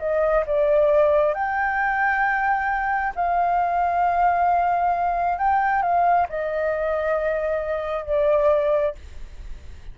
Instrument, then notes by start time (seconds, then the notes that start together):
flute
0.00 D#5
0.47 D5
1.35 G5
3.16 F5
5.39 G5
5.83 F5
6.29 D#5
8.06 D5